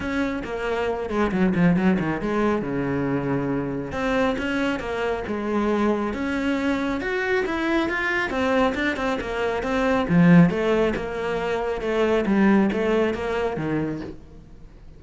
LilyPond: \new Staff \with { instrumentName = "cello" } { \time 4/4 \tempo 4 = 137 cis'4 ais4. gis8 fis8 f8 | fis8 dis8 gis4 cis2~ | cis4 c'4 cis'4 ais4 | gis2 cis'2 |
fis'4 e'4 f'4 c'4 | d'8 c'8 ais4 c'4 f4 | a4 ais2 a4 | g4 a4 ais4 dis4 | }